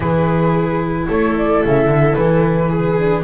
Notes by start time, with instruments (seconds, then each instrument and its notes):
0.00 double bass E3, viola E4 G#4, flute B4
1.07 double bass A3, viola A4, flute C#5
1.37 flute D5
1.64 double bass C#3, flute E5
1.87 double bass D3
2.14 double bass E3, flute B4
2.69 viola G#4
2.97 viola D4